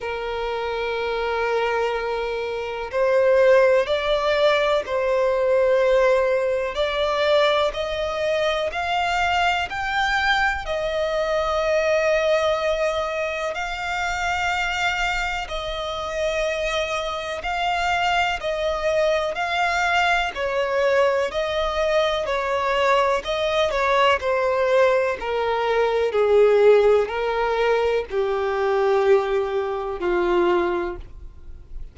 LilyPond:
\new Staff \with { instrumentName = "violin" } { \time 4/4 \tempo 4 = 62 ais'2. c''4 | d''4 c''2 d''4 | dis''4 f''4 g''4 dis''4~ | dis''2 f''2 |
dis''2 f''4 dis''4 | f''4 cis''4 dis''4 cis''4 | dis''8 cis''8 c''4 ais'4 gis'4 | ais'4 g'2 f'4 | }